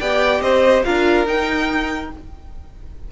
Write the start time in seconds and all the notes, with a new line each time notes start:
0.00 B3 G4 D5 G5
0.41 C4 C5 D#5
0.84 D4 F4 A#4 F5
1.26 D#4 G5